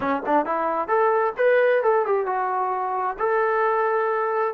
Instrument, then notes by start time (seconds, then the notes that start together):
trombone
0.00 C#4
0.26 D4
0.45 E4
0.87 A4
1.37 B4
1.82 A4
2.05 G4
2.25 F#4
3.18 A4